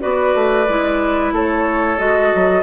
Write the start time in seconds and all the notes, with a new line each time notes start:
0.00 B3 F#4 B4 D5
0.34 A3
0.68 G#3 E4
1.32 A3 A4 C#5
1.97 G#3 F#4 D#5
2.35 F#3